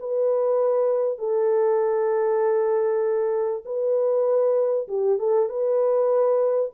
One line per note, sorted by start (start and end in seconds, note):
0.00 1.19 B4
1.19 3.64 A4
3.65 4.88 B4
4.88 5.19 G4
5.19 5.50 A4
5.50 6.72 B4